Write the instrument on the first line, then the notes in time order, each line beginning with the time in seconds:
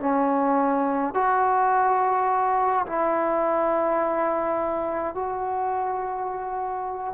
trombone
0.00 C#4
1.15 F#4
2.86 E4
5.15 F#4